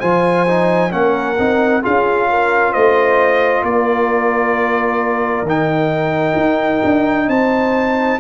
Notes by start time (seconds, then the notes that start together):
0.00 F3 F4 C5 G#5
0.47 D#4
0.91 A#3 C#4 A#4 F#5
1.39 C4 D#4
1.82 C#4 F4 G#4 F5
2.30 A#4
2.72 A3 C5 D#5
3.63 A#3 A#4 D5
5.43 D#3 D#4
5.49 G5
6.36 D#4
6.84 D4
7.28 C4 C5 A5